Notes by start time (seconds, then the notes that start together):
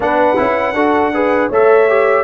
0.00 B3 D4 B4 F#5
0.36 C#4 E4
0.74 D4 F#4 A4
1.13 G#4 B4
1.49 A3 A4 C#5 E5
1.88 G4